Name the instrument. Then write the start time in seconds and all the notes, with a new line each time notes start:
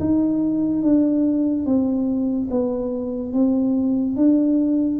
tuba
0.00 D#4
0.83 D4
1.66 C4
2.51 B3
3.33 C4
4.16 D4